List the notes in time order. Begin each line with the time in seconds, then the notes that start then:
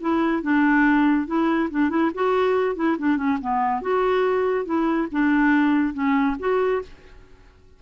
0.00 E4
0.42 D4
1.26 E4
1.70 D4
1.89 E4
2.14 F#4
2.75 E4
2.98 D4
3.16 C#4
3.41 B3
3.81 F#4
4.65 E4
5.11 D4
5.93 C#4
6.39 F#4